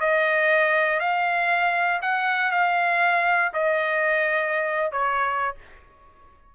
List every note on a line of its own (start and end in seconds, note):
0.00 1.00 D#5
1.00 2.01 F5
2.02 2.51 F#5
2.51 3.52 F5
3.53 4.92 D#5
4.92 5.55 C#5